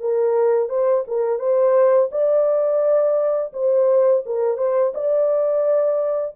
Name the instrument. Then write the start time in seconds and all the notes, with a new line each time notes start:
horn
0.00 A#4
0.68 C5
1.07 A#4
1.38 C5
2.11 D5
3.53 C5
4.25 A#4
4.57 C5
4.94 D5